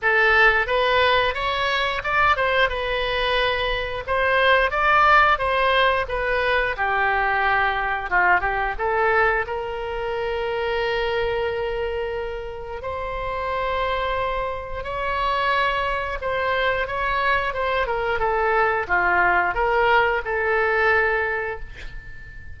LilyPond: \new Staff \with { instrumentName = "oboe" } { \time 4/4 \tempo 4 = 89 a'4 b'4 cis''4 d''8 c''8 | b'2 c''4 d''4 | c''4 b'4 g'2 | f'8 g'8 a'4 ais'2~ |
ais'2. c''4~ | c''2 cis''2 | c''4 cis''4 c''8 ais'8 a'4 | f'4 ais'4 a'2 | }